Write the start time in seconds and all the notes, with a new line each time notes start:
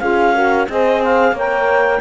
0.00 C#4 F4 G#4 F5
0.34 F#4 A#4
0.68 C4 G#4 C5 D#5
1.04 F5
1.32 A#3 A#4 C#5 G5